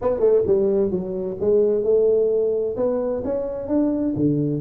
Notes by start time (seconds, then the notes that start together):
0.01 B3
0.19 A3
0.46 G3
0.91 F#3
1.40 G#3
1.83 A3
2.76 B3
3.24 C#4
3.67 D4
4.16 D3